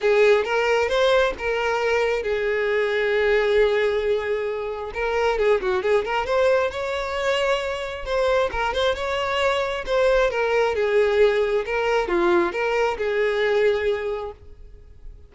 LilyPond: \new Staff \with { instrumentName = "violin" } { \time 4/4 \tempo 4 = 134 gis'4 ais'4 c''4 ais'4~ | ais'4 gis'2.~ | gis'2. ais'4 | gis'8 fis'8 gis'8 ais'8 c''4 cis''4~ |
cis''2 c''4 ais'8 c''8 | cis''2 c''4 ais'4 | gis'2 ais'4 f'4 | ais'4 gis'2. | }